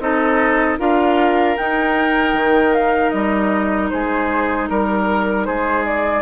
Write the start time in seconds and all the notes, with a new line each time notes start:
0.00 C4 D#4 A4 D#5
0.79 D4 F4 A#4 F5
1.57 D#4 G5
2.34 D#3
2.74 F5
3.10 G3 D#5
3.90 G#3 G#4 C5
4.70 G3 A#4
5.45 G#3 G#4 C5
5.85 D5